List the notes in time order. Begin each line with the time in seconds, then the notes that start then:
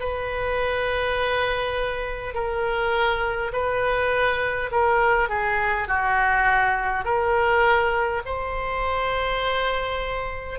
0.00 B4
2.34 A#4
3.53 B4
4.71 A#4
5.29 G#4
5.88 F#4
7.05 A#4
8.25 C5